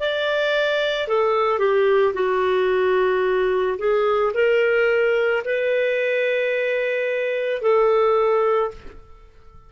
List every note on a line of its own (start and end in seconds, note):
0.00 1.08 D5
1.08 1.59 A4
1.59 2.13 G4
2.14 3.77 F#4
3.78 4.32 G#4
4.34 5.43 A#4
5.44 7.62 B4
7.62 8.71 A4